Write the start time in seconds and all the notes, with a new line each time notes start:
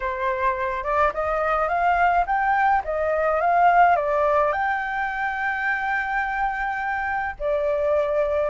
0.00 C5
0.83 D5
1.13 D#5
1.68 F5
2.26 G5
2.84 D#5
3.41 F5
3.96 D5
4.52 G5
7.39 D5